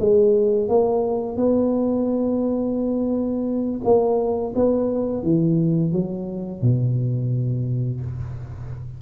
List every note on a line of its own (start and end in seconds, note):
0.00 0.69 G#3
0.69 1.37 A#3
1.37 3.81 B3
3.84 4.54 A#3
4.56 5.23 B3
5.23 5.93 E3
5.93 6.62 F#3
6.62 8.01 B2